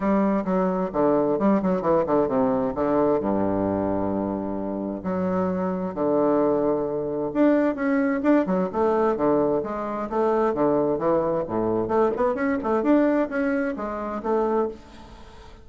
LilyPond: \new Staff \with { instrumentName = "bassoon" } { \time 4/4 \tempo 4 = 131 g4 fis4 d4 g8 fis8 | e8 d8 c4 d4 g,4~ | g,2. fis4~ | fis4 d2. |
d'4 cis'4 d'8 fis8 a4 | d4 gis4 a4 d4 | e4 a,4 a8 b8 cis'8 a8 | d'4 cis'4 gis4 a4 | }